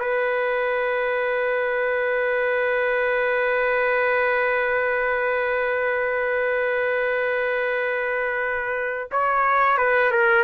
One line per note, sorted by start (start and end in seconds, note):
0.00 9.10 B4
9.12 9.78 C#5
9.78 10.12 B4
10.12 10.45 A#4